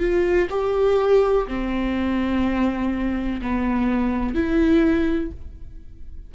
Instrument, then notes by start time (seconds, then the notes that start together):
viola
0.00 F4
0.50 G4
1.47 C4
3.42 B3
4.35 E4